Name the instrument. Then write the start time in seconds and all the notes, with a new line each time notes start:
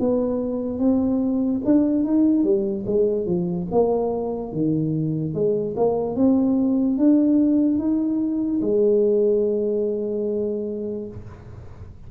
tuba
0.00 B3
0.79 C4
1.65 D4
2.04 D#4
2.44 G3
2.87 G#3
3.26 F3
3.72 A#3
4.52 D#3
5.34 G#3
5.77 A#3
6.16 C4
6.98 D4
7.79 D#4
8.62 G#3